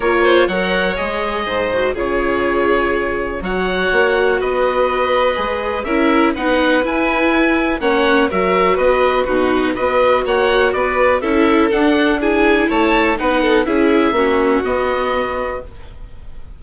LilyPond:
<<
  \new Staff \with { instrumentName = "oboe" } { \time 4/4 \tempo 4 = 123 cis''4 fis''4 dis''2 | cis''2. fis''4~ | fis''4 dis''2. | e''4 fis''4 gis''2 |
fis''4 e''4 dis''4 b'4 | dis''4 fis''4 d''4 e''4 | fis''4 gis''4 a''4 fis''4 | e''2 dis''2 | }
  \new Staff \with { instrumentName = "violin" } { \time 4/4 ais'8 c''8 cis''2 c''4 | gis'2. cis''4~ | cis''4 b'2. | ais'4 b'2. |
cis''4 ais'4 b'4 fis'4 | b'4 cis''4 b'4 a'4~ | a'4 gis'4 cis''4 b'8 a'8 | gis'4 fis'2. | }
  \new Staff \with { instrumentName = "viola" } { \time 4/4 f'4 ais'4 gis'4. fis'8 | f'2. fis'4~ | fis'2. gis'4 | e'4 dis'4 e'2 |
cis'4 fis'2 dis'4 | fis'2. e'4 | d'4 e'2 dis'4 | e'4 cis'4 b2 | }
  \new Staff \with { instrumentName = "bassoon" } { \time 4/4 ais4 fis4 gis4 gis,4 | cis2. fis4 | ais4 b2 gis4 | cis'4 b4 e'2 |
ais4 fis4 b4 b,4 | b4 ais4 b4 cis'4 | d'2 a4 b4 | cis'4 ais4 b2 | }
>>